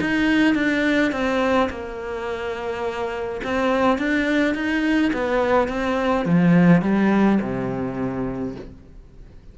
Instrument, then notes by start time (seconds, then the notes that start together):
cello
0.00 D#4
0.54 D4
1.11 C4
1.69 A#3
3.43 C4
3.98 D4
4.54 D#4
5.13 B3
5.68 C4
6.25 F3
6.81 G3
7.41 C3